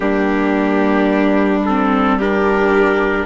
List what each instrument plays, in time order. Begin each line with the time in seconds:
0.00 bassoon G3, viola A#3, violin D4, trumpet G4
1.65 viola C4, trumpet A4
2.18 viola D4, violin G4, trumpet A#4